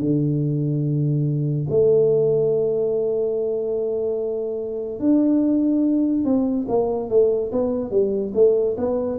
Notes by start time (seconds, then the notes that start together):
0.00 D3
1.70 A3
5.00 D4
6.25 C4
6.68 A#3
7.09 A3
7.52 B3
7.91 G3
8.34 A3
8.77 B3